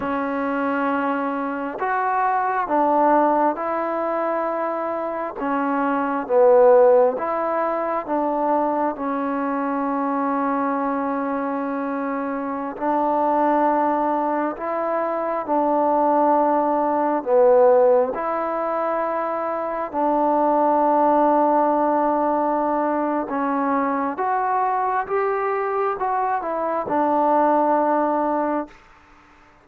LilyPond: \new Staff \with { instrumentName = "trombone" } { \time 4/4 \tempo 4 = 67 cis'2 fis'4 d'4 | e'2 cis'4 b4 | e'4 d'4 cis'2~ | cis'2~ cis'16 d'4.~ d'16~ |
d'16 e'4 d'2 b8.~ | b16 e'2 d'4.~ d'16~ | d'2 cis'4 fis'4 | g'4 fis'8 e'8 d'2 | }